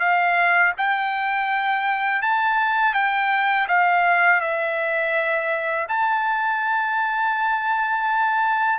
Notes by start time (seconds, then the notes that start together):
0.00 F5
0.78 G5
2.22 A5
2.94 G5
3.68 F5
4.41 E5
5.89 A5